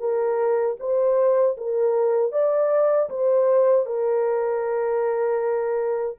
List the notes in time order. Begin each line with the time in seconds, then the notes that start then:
0.00 A#4
0.80 C5
1.58 A#4
2.33 D5
3.10 C5
3.86 A#4